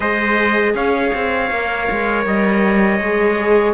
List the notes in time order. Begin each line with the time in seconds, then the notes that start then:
0.00 G#3 G#4 C5 D#5
0.74 C#4 C#5 F5
1.14 C4
1.50 A#3 A#4
1.90 G#3
2.25 G3 D#5
2.99 G#3 G#4